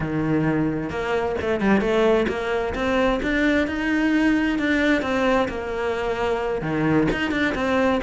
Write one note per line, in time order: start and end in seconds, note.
0.00 0.90 D#3
0.90 1.35 A#3
1.41 1.60 A3
1.60 1.80 G3
1.80 2.26 A3
2.28 2.74 A#3
2.74 3.20 C4
3.22 3.67 D4
3.67 4.58 D#4
4.58 5.02 D4
5.02 5.48 C4
5.48 6.61 A#3
6.61 7.07 D#3
7.11 7.31 D#4
7.31 7.53 D4
7.54 8.00 C4